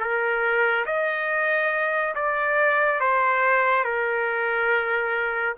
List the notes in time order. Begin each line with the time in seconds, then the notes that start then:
0.00 A#4
0.86 D#5
2.15 D5
3.01 C5
3.85 A#4